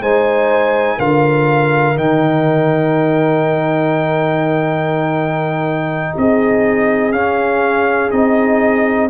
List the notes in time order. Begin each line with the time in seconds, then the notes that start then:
0.00 G#3 D#4 C5 G#5
0.97 D3 F4 A#4 F5
1.96 D#3 D#4 G5
6.17 C4 G#4 D#5
7.12 C#4 F5
8.11 C4 D#4 D#5